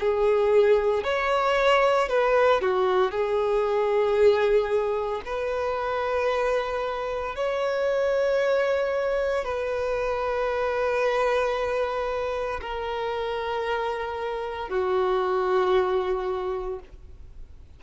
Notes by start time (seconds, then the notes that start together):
0.00 G#4
1.04 C#5
2.09 B4
2.62 F#4
3.11 G#4
5.26 B4
7.36 C#5
9.45 B4
12.62 A#4
14.70 F#4